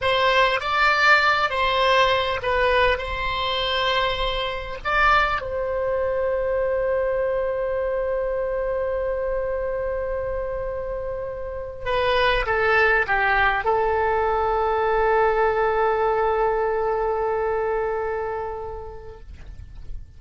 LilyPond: \new Staff \with { instrumentName = "oboe" } { \time 4/4 \tempo 4 = 100 c''4 d''4. c''4. | b'4 c''2. | d''4 c''2.~ | c''1~ |
c''2.~ c''8. b'16~ | b'8. a'4 g'4 a'4~ a'16~ | a'1~ | a'1 | }